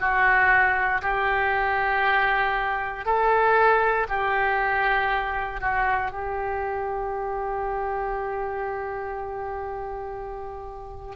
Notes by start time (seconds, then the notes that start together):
0.00 F#4
1.02 G4
3.06 A4
4.09 G4
5.61 F#4
6.12 G4